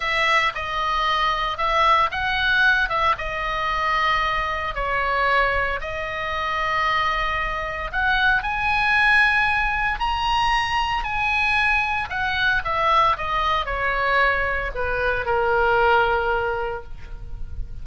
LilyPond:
\new Staff \with { instrumentName = "oboe" } { \time 4/4 \tempo 4 = 114 e''4 dis''2 e''4 | fis''4. e''8 dis''2~ | dis''4 cis''2 dis''4~ | dis''2. fis''4 |
gis''2. ais''4~ | ais''4 gis''2 fis''4 | e''4 dis''4 cis''2 | b'4 ais'2. | }